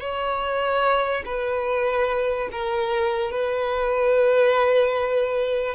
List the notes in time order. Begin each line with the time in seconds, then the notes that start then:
0.00 C#5
1.26 B4
2.52 A#4
3.31 B4